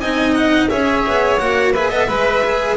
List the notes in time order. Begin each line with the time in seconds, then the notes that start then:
0.00 C4 D#4 D#5 G#5
0.34 F#5
0.69 C#4 G#4 C#5 E5
1.07 B3
1.38 A#3 F#4 F#5
1.73 G#4 B4 E5
1.90 B3 A4 D#5
2.08 G#3 B4
2.44 G#4